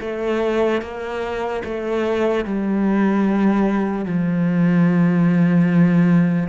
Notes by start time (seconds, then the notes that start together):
0.00 A3
0.81 A#3
1.64 A3
2.44 G3
4.05 F3